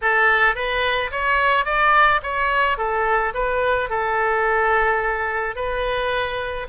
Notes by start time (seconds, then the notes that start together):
0.01 A4
0.55 B4
1.11 C#5
1.65 D5
2.22 C#5
2.77 A4
3.34 B4
3.89 A4
5.55 B4